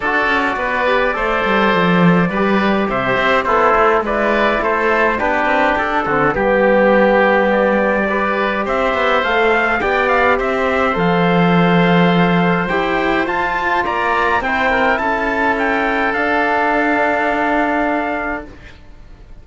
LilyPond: <<
  \new Staff \with { instrumentName = "trumpet" } { \time 4/4 \tempo 4 = 104 d''1~ | d''4 e''4 c''4 d''4 | c''4 b'4 a'4 g'4~ | g'4 d''2 e''4 |
f''4 g''8 f''8 e''4 f''4~ | f''2 g''4 a''4 | ais''4 g''4 a''4 g''4 | f''1 | }
  \new Staff \with { instrumentName = "oboe" } { \time 4/4 a'4 b'4 c''2 | b'4 c''4 e'4 b'4 | a'4 g'4. fis'8 g'4~ | g'2 b'4 c''4~ |
c''4 d''4 c''2~ | c''1 | d''4 c''8 ais'8 a'2~ | a'1 | }
  \new Staff \with { instrumentName = "trombone" } { \time 4/4 fis'4. g'8 a'2 | g'2 a'4 e'4~ | e'4 d'4. c'8 b4~ | b2 g'2 |
a'4 g'2 a'4~ | a'2 g'4 f'4~ | f'4 e'2. | d'1 | }
  \new Staff \with { instrumentName = "cello" } { \time 4/4 d'8 cis'8 b4 a8 g8 f4 | g4 c8 c'8 b8 a8 gis4 | a4 b8 c'8 d'8 d8 g4~ | g2. c'8 b8 |
a4 b4 c'4 f4~ | f2 e'4 f'4 | ais4 c'4 cis'2 | d'1 | }
>>